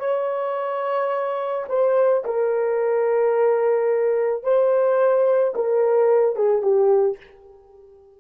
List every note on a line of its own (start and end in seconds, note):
0.00 1.65 C#5
1.69 2.24 C5
2.25 4.44 A#4
4.44 5.54 C5
5.55 6.36 A#4
6.36 6.62 G#4
6.62 7.17 G4